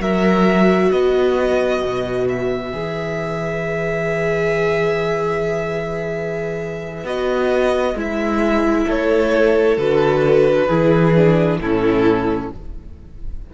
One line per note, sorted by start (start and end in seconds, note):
0.00 0.91 F#3
0.00 2.73 F#4
0.00 0.93 A#4
0.00 0.91 E5
0.91 1.83 B3
0.91 8.87 B4
0.91 2.28 D#5
1.84 2.73 B2
2.29 7.07 E5
2.73 7.04 E3
2.73 7.05 G#4
7.04 7.95 B3
7.04 7.96 F#4
7.04 7.98 D#5
7.95 8.86 G#3
7.95 9.78 E4
7.95 8.91 E5
8.87 9.77 A3
8.87 10.68 A4
8.87 9.79 C#5
9.77 10.68 D3
9.77 10.69 F#4
9.77 11.60 B4
10.68 11.60 E3
10.68 11.14 E4
10.68 11.59 G#4
11.17 11.62 D4
11.60 12.51 A2
11.60 12.54 C#4
11.60 12.53 E4
11.60 12.51 A4